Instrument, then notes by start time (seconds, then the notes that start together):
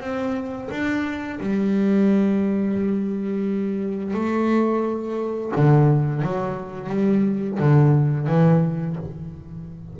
double bass
0.00 C4
0.71 D4
1.40 G3
4.14 A3
5.56 D3
6.23 F#3
6.90 G3
7.60 D3
8.27 E3